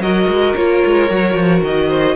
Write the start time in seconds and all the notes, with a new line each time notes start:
0.00 F#3 F#4 A#4 D#5
0.28 G#3
0.55 A#3 F4 C#5
0.86 G#3
1.11 F#3 F#4
1.35 F3
1.63 D#3 D#5
1.89 C5